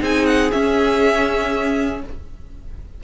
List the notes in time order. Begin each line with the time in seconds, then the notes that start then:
0.00 C4 D#4 G#4 G#5
0.26 F#5
0.52 C#4 E5